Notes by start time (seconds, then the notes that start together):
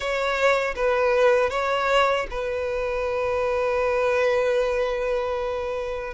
0.00 C#5
0.75 B4
1.50 C#5
2.30 B4